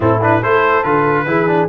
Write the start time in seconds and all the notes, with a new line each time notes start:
0.00 A2 C4 E4 A4
0.21 D4 B4
0.39 A3 E4 A4 C5
0.83 D3 F4 B4
1.26 E3 E4 G#4
1.47 D4